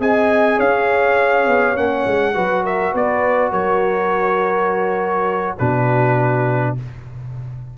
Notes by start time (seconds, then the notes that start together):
0.00 C4 G#4 D#5 G#5
0.57 C#4 C#5 F5
1.47 B3
1.76 A#3 C#4 F#5
2.07 G#3
2.34 F#3 F#4 B4
2.64 A#4 E5
2.93 B3 B4 D5
3.50 F#3 A#4 C#5
5.57 B2 D4 F#4 B4